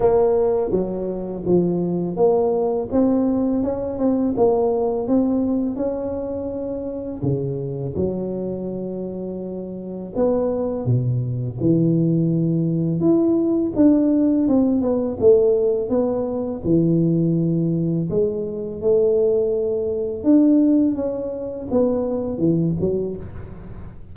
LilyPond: \new Staff \with { instrumentName = "tuba" } { \time 4/4 \tempo 4 = 83 ais4 fis4 f4 ais4 | c'4 cis'8 c'8 ais4 c'4 | cis'2 cis4 fis4~ | fis2 b4 b,4 |
e2 e'4 d'4 | c'8 b8 a4 b4 e4~ | e4 gis4 a2 | d'4 cis'4 b4 e8 fis8 | }